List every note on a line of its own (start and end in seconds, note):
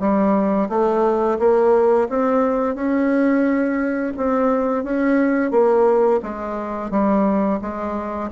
0.00 0.69 G3
0.69 1.38 A3
1.39 2.08 A#3
2.09 2.75 C4
2.75 4.13 C#4
4.17 4.84 C4
4.84 5.51 C#4
5.51 6.20 A#3
6.23 6.91 G#3
6.91 7.60 G3
7.61 8.30 G#3